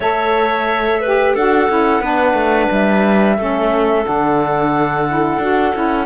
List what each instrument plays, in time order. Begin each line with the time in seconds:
0.00 cello A3, saxophone A4, clarinet C#5, flute E5
1.01 saxophone G4, clarinet B4
1.34 cello D4, saxophone F#4, clarinet A4, flute F#5
1.68 cello C#4, saxophone E4
2.01 cello B3, saxophone D4, clarinet B4
2.33 cello A3
2.71 cello G3, flute E5
3.37 cello A3, saxophone C#4, clarinet A4
4.04 cello D3, saxophone D4, flute F#5
5.07 saxophone E4
5.38 cello D4, saxophone F#4
5.73 cello C#4, saxophone E4